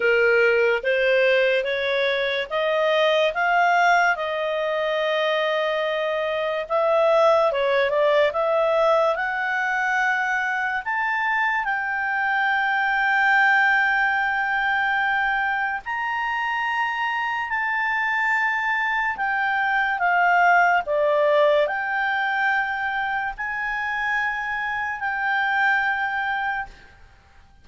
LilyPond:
\new Staff \with { instrumentName = "clarinet" } { \time 4/4 \tempo 4 = 72 ais'4 c''4 cis''4 dis''4 | f''4 dis''2. | e''4 cis''8 d''8 e''4 fis''4~ | fis''4 a''4 g''2~ |
g''2. ais''4~ | ais''4 a''2 g''4 | f''4 d''4 g''2 | gis''2 g''2 | }